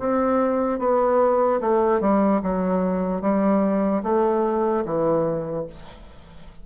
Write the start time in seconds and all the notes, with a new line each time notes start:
0.00 C4
0.80 B3
1.61 A3
2.01 G3
2.43 F#3
3.22 G3
4.04 A3
4.85 E3